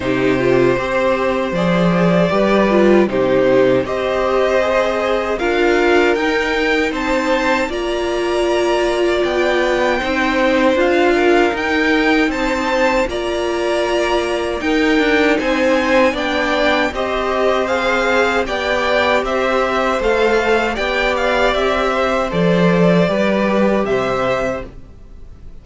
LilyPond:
<<
  \new Staff \with { instrumentName = "violin" } { \time 4/4 \tempo 4 = 78 c''2 d''2 | c''4 dis''2 f''4 | g''4 a''4 ais''2 | g''2 f''4 g''4 |
a''4 ais''2 g''4 | gis''4 g''4 dis''4 f''4 | g''4 e''4 f''4 g''8 f''8 | e''4 d''2 e''4 | }
  \new Staff \with { instrumentName = "violin" } { \time 4/4 g'4 c''2 b'4 | g'4 c''2 ais'4~ | ais'4 c''4 d''2~ | d''4 c''4. ais'4. |
c''4 d''2 ais'4 | c''4 d''4 c''2 | d''4 c''2 d''4~ | d''8 c''4. b'4 c''4 | }
  \new Staff \with { instrumentName = "viola" } { \time 4/4 dis'8 f'8 g'4 gis'4 g'8 f'8 | dis'4 g'4 gis'4 f'4 | dis'2 f'2~ | f'4 dis'4 f'4 dis'4~ |
dis'4 f'2 dis'4~ | dis'4 d'4 g'4 gis'4 | g'2 a'4 g'4~ | g'4 a'4 g'2 | }
  \new Staff \with { instrumentName = "cello" } { \time 4/4 c4 c'4 f4 g4 | c4 c'2 d'4 | dis'4 c'4 ais2 | b4 c'4 d'4 dis'4 |
c'4 ais2 dis'8 d'8 | c'4 b4 c'2 | b4 c'4 a4 b4 | c'4 f4 g4 c4 | }
>>